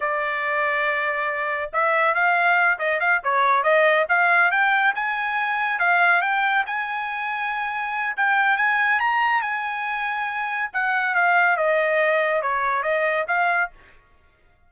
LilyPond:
\new Staff \with { instrumentName = "trumpet" } { \time 4/4 \tempo 4 = 140 d''1 | e''4 f''4. dis''8 f''8 cis''8~ | cis''8 dis''4 f''4 g''4 gis''8~ | gis''4. f''4 g''4 gis''8~ |
gis''2. g''4 | gis''4 ais''4 gis''2~ | gis''4 fis''4 f''4 dis''4~ | dis''4 cis''4 dis''4 f''4 | }